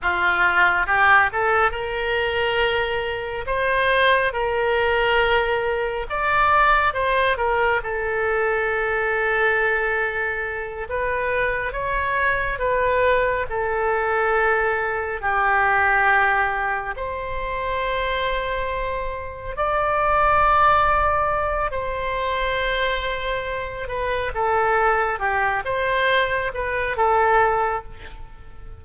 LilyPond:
\new Staff \with { instrumentName = "oboe" } { \time 4/4 \tempo 4 = 69 f'4 g'8 a'8 ais'2 | c''4 ais'2 d''4 | c''8 ais'8 a'2.~ | a'8 b'4 cis''4 b'4 a'8~ |
a'4. g'2 c''8~ | c''2~ c''8 d''4.~ | d''4 c''2~ c''8 b'8 | a'4 g'8 c''4 b'8 a'4 | }